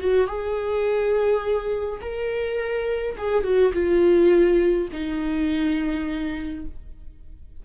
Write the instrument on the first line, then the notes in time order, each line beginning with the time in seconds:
viola
0.00 F#4
0.27 G#4
2.01 A#4
3.18 G#4
3.43 F#4
3.73 F4
4.92 D#4